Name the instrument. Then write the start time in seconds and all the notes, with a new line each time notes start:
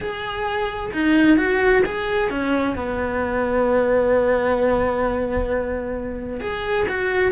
cello
0.01 G#4
0.93 D#4
1.37 F#4
1.85 G#4
2.30 C#4
2.75 B3
6.40 G#4
6.88 F#4